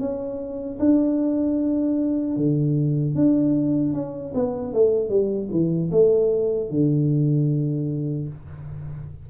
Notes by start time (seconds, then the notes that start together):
0.00 C#4
0.79 D4
2.37 D3
3.15 D4
3.93 C#4
4.35 B3
4.73 A3
5.10 G3
5.51 E3
5.91 A3
6.70 D3